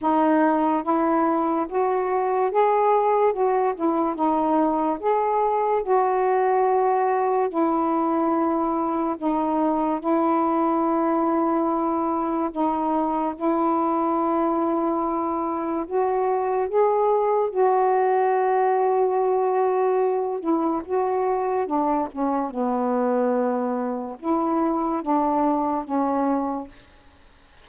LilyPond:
\new Staff \with { instrumentName = "saxophone" } { \time 4/4 \tempo 4 = 72 dis'4 e'4 fis'4 gis'4 | fis'8 e'8 dis'4 gis'4 fis'4~ | fis'4 e'2 dis'4 | e'2. dis'4 |
e'2. fis'4 | gis'4 fis'2.~ | fis'8 e'8 fis'4 d'8 cis'8 b4~ | b4 e'4 d'4 cis'4 | }